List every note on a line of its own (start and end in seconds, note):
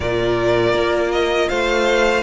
0.00 0.74 A#2
0.00 2.23 F4
0.00 1.49 A#4
0.00 1.11 D5
0.74 1.49 A#3
1.11 1.48 D#5
1.48 2.23 A3
1.48 2.23 C5
1.48 2.23 F5